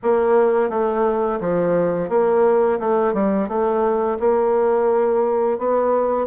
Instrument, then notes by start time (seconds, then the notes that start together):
bassoon
0.02 A#3
0.69 A3
1.40 F3
2.09 A#3
2.79 A3
3.13 G3
3.48 A3
4.19 A#3
5.58 B3